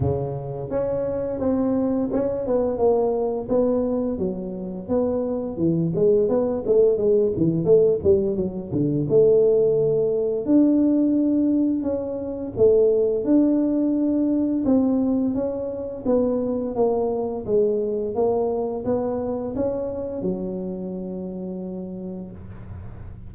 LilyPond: \new Staff \with { instrumentName = "tuba" } { \time 4/4 \tempo 4 = 86 cis4 cis'4 c'4 cis'8 b8 | ais4 b4 fis4 b4 | e8 gis8 b8 a8 gis8 e8 a8 g8 | fis8 d8 a2 d'4~ |
d'4 cis'4 a4 d'4~ | d'4 c'4 cis'4 b4 | ais4 gis4 ais4 b4 | cis'4 fis2. | }